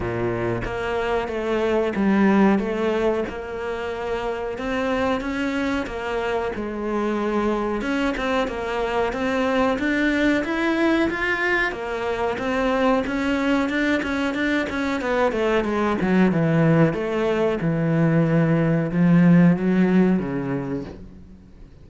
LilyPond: \new Staff \with { instrumentName = "cello" } { \time 4/4 \tempo 4 = 92 ais,4 ais4 a4 g4 | a4 ais2 c'4 | cis'4 ais4 gis2 | cis'8 c'8 ais4 c'4 d'4 |
e'4 f'4 ais4 c'4 | cis'4 d'8 cis'8 d'8 cis'8 b8 a8 | gis8 fis8 e4 a4 e4~ | e4 f4 fis4 cis4 | }